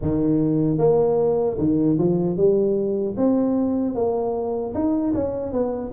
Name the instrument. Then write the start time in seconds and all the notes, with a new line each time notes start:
tuba
0.01 D#3
0.78 A#3
1.58 D#3
1.98 F3
2.36 G3
3.17 C4
3.94 A#3
4.74 D#4
5.14 C#4
5.52 B3